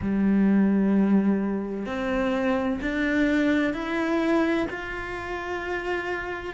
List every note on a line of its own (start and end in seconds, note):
0.01 1.85 G3
1.85 2.79 C4
2.81 3.73 D4
3.73 4.67 E4
4.70 6.54 F4